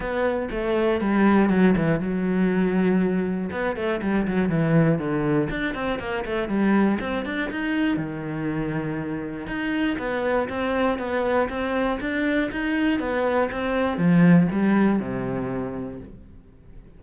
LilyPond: \new Staff \with { instrumentName = "cello" } { \time 4/4 \tempo 4 = 120 b4 a4 g4 fis8 e8 | fis2. b8 a8 | g8 fis8 e4 d4 d'8 c'8 | ais8 a8 g4 c'8 d'8 dis'4 |
dis2. dis'4 | b4 c'4 b4 c'4 | d'4 dis'4 b4 c'4 | f4 g4 c2 | }